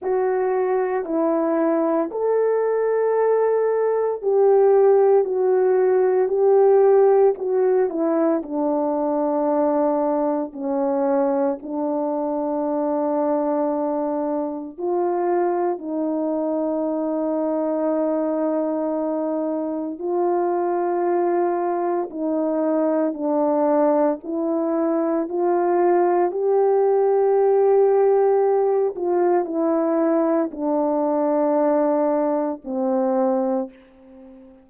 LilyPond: \new Staff \with { instrumentName = "horn" } { \time 4/4 \tempo 4 = 57 fis'4 e'4 a'2 | g'4 fis'4 g'4 fis'8 e'8 | d'2 cis'4 d'4~ | d'2 f'4 dis'4~ |
dis'2. f'4~ | f'4 dis'4 d'4 e'4 | f'4 g'2~ g'8 f'8 | e'4 d'2 c'4 | }